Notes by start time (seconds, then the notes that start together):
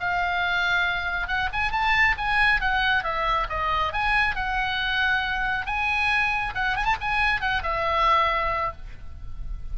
0.00 F5
1.27 F#5
1.53 G#5
1.71 A5
2.18 G#5
2.61 F#5
3.03 E5
3.49 D#5
3.93 G#5
4.35 F#5
5.66 G#5
6.55 F#5
6.76 G#5
6.85 A5
7.01 G#5
7.41 F#5
7.63 E5